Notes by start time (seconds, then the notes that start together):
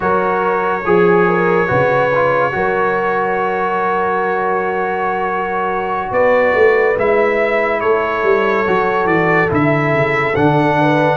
0.00 F#3 F#4 A#4 C#5
0.84 F3 G#4
1.28 A#4
1.67 C#3 F#4 B4
2.14 F4
2.51 F#3 F#4 A#4
6.11 B3 B4 D5
6.54 A3
6.97 G#3 E4 E5
7.80 A3 A4 C#5
8.23 G3
8.66 F#3 F#4
9.05 E3 D5
9.49 D3 E4 E5
9.93 C#3
10.35 D3 D4 F#5
10.80 B4